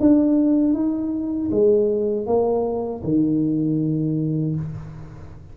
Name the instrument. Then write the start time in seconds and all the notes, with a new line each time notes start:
tuba
0.00 D4
0.74 D#4
1.51 G#3
2.26 A#3
3.03 D#3